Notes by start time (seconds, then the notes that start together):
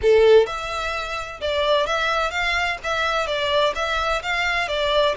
0.01 A4
0.46 E5
1.40 D5
1.86 E5
2.31 F5
2.83 E5
3.26 D5
3.75 E5
4.22 F5
4.68 D5